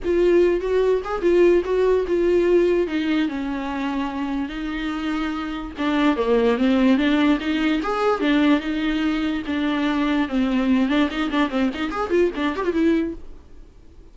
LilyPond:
\new Staff \with { instrumentName = "viola" } { \time 4/4 \tempo 4 = 146 f'4. fis'4 gis'8 f'4 | fis'4 f'2 dis'4 | cis'2. dis'4~ | dis'2 d'4 ais4 |
c'4 d'4 dis'4 gis'4 | d'4 dis'2 d'4~ | d'4 c'4. d'8 dis'8 d'8 | c'8 dis'8 gis'8 f'8 d'8 g'16 f'16 e'4 | }